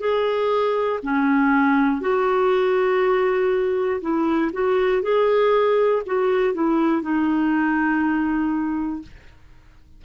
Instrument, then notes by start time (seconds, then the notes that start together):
clarinet
0.00 G#4
1.03 C#4
2.01 F#4
4.02 E4
4.53 F#4
5.03 G#4
6.06 F#4
6.55 E4
7.02 D#4